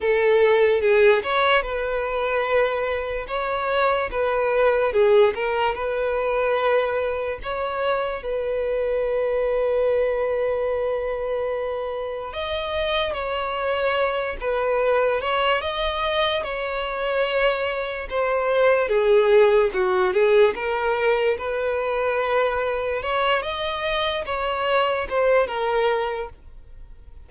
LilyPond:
\new Staff \with { instrumentName = "violin" } { \time 4/4 \tempo 4 = 73 a'4 gis'8 cis''8 b'2 | cis''4 b'4 gis'8 ais'8 b'4~ | b'4 cis''4 b'2~ | b'2. dis''4 |
cis''4. b'4 cis''8 dis''4 | cis''2 c''4 gis'4 | fis'8 gis'8 ais'4 b'2 | cis''8 dis''4 cis''4 c''8 ais'4 | }